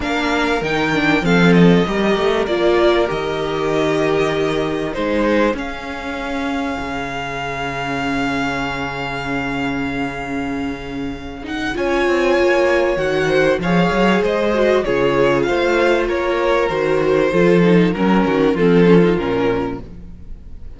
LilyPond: <<
  \new Staff \with { instrumentName = "violin" } { \time 4/4 \tempo 4 = 97 f''4 g''4 f''8 dis''4. | d''4 dis''2. | c''4 f''2.~ | f''1~ |
f''2~ f''8 fis''8 gis''4~ | gis''4 fis''4 f''4 dis''4 | cis''4 f''4 cis''4 c''4~ | c''4 ais'4 a'4 ais'4 | }
  \new Staff \with { instrumentName = "violin" } { \time 4/4 ais'2 a'4 ais'4~ | ais'1 | gis'1~ | gis'1~ |
gis'2. cis''4~ | cis''4. c''8 cis''4 c''4 | gis'4 c''4 ais'2 | a'4 ais'8 fis'8 f'2 | }
  \new Staff \with { instrumentName = "viola" } { \time 4/4 d'4 dis'8 d'8 c'4 g'4 | f'4 g'2. | dis'4 cis'2.~ | cis'1~ |
cis'2~ cis'8 dis'8 f'4~ | f'4 fis'4 gis'4. fis'8 | f'2. fis'4 | f'8 dis'8 cis'4 c'8 cis'16 dis'16 cis'4 | }
  \new Staff \with { instrumentName = "cello" } { \time 4/4 ais4 dis4 f4 g8 a8 | ais4 dis2. | gis4 cis'2 cis4~ | cis1~ |
cis2. cis'8 c'8 | ais4 dis4 f8 fis8 gis4 | cis4 a4 ais4 dis4 | f4 fis8 dis8 f4 ais,4 | }
>>